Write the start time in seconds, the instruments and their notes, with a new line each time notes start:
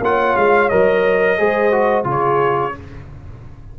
0.00 tuba A#3, trombone F4, horn C#5, trumpet F#5
0.36 tuba G#3, trumpet F5
0.69 tuba F#3, trombone A#4, trumpet D#5
1.38 tuba G#3, trombone G#4, horn C5
1.72 trombone F#4
2.03 tuba C#3, trombone F4, horn G#4
2.11 trumpet C#5